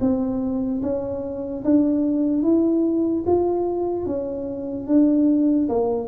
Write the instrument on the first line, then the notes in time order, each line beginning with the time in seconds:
tuba
0.00 C4
0.82 C#4
1.64 D4
2.43 E4
3.26 F4
4.05 C#4
4.87 D4
5.68 A#3